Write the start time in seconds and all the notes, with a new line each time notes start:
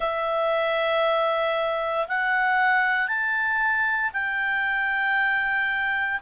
0.00 E5
2.07 F#5
3.08 A5
4.13 G5